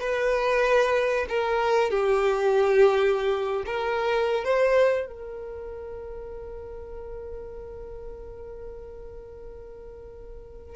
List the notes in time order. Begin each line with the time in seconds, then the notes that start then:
0.00 B4
1.29 A#4
1.91 G4
3.66 A#4
4.45 C5
5.07 A#4